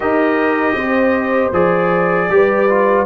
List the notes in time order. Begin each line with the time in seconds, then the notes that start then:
0.00 D#4 G4 A#4 D#5
0.74 C4 C5
1.52 F3 G#4 D5
2.29 G3 G4 B4
2.69 F4